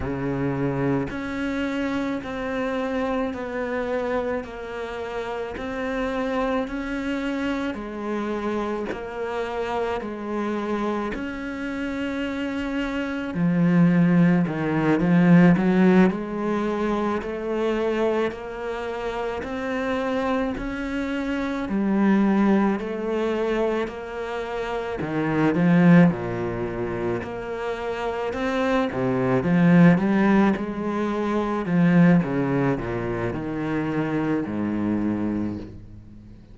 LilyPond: \new Staff \with { instrumentName = "cello" } { \time 4/4 \tempo 4 = 54 cis4 cis'4 c'4 b4 | ais4 c'4 cis'4 gis4 | ais4 gis4 cis'2 | f4 dis8 f8 fis8 gis4 a8~ |
a8 ais4 c'4 cis'4 g8~ | g8 a4 ais4 dis8 f8 ais,8~ | ais,8 ais4 c'8 c8 f8 g8 gis8~ | gis8 f8 cis8 ais,8 dis4 gis,4 | }